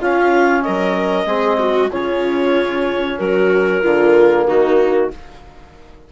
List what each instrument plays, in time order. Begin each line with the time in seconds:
0.00 bassoon C#4, trombone C#4, viola F4, clarinet F5
0.63 bassoon F#3, viola A#4, clarinet D#5
1.26 bassoon G#3, trombone C4, viola G#4
1.60 viola F#4
1.91 bassoon C#3, trombone C#4, viola F4, clarinet C#5
3.19 bassoon F#3, viola F#4, clarinet A#4
3.82 bassoon D3, trombone A#3, viola F4
4.47 bassoon D#3, viola D#4, clarinet F#4